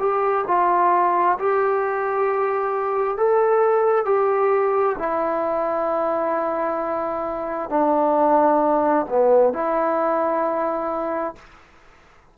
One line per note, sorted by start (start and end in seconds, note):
0.00 0.45 G4
0.48 1.38 F4
1.39 3.18 G4
3.18 4.06 A4
4.06 4.97 G4
4.99 7.70 E4
7.70 9.07 D4
9.10 9.54 B3
9.54 11.36 E4